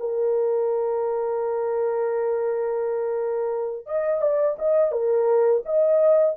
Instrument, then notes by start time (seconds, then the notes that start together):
horn
0.00 A#4
3.87 D#5
4.22 D5
4.59 D#5
4.92 A#4
5.66 D#5